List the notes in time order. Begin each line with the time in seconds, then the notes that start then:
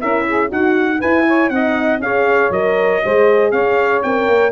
0.00 C#4 E4 A#4 E5
0.27 G#4
0.49 D#4 F#4 F#5
0.98 E4 B4 G#5
1.27 C#5
1.49 C4 D#4 D#5 F#5
1.98 C#4 G#4 C#5 F5
2.50 F#3 A#4 D#5
3.03 G#3 G#4 C5
3.51 C#4 C#5 F5
4.02 C4 A#4 G5
4.27 A#3